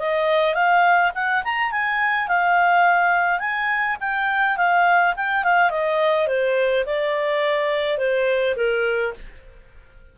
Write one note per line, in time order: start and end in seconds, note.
0.00 0.55 D#5
0.55 1.12 F5
1.15 1.43 F#5
1.44 1.72 A#5
1.72 2.28 G#5
2.28 3.40 F5
3.40 3.97 G#5
4.01 4.57 G5
4.57 5.14 F5
5.16 5.44 G5
5.44 5.71 F5
5.71 6.28 D#5
6.28 6.85 C5
6.86 7.98 D5
7.98 8.55 C5
8.57 9.14 A#4